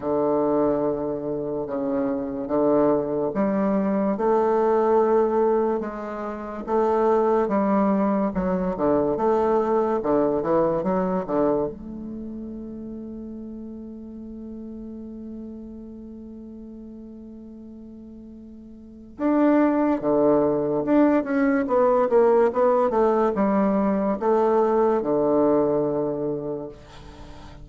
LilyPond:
\new Staff \with { instrumentName = "bassoon" } { \time 4/4 \tempo 4 = 72 d2 cis4 d4 | g4 a2 gis4 | a4 g4 fis8 d8 a4 | d8 e8 fis8 d8 a2~ |
a1~ | a2. d'4 | d4 d'8 cis'8 b8 ais8 b8 a8 | g4 a4 d2 | }